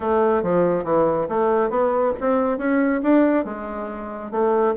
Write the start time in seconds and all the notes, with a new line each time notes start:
0.00 A3
0.42 F3
0.83 E3
1.29 A3
1.70 B3
2.20 C4
2.57 C#4
3.02 D4
3.44 G#3
4.31 A3